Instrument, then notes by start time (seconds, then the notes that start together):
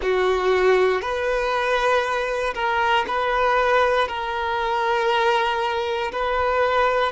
violin
0.02 F#4
1.01 B4
2.54 A#4
3.07 B4
4.08 A#4
6.12 B4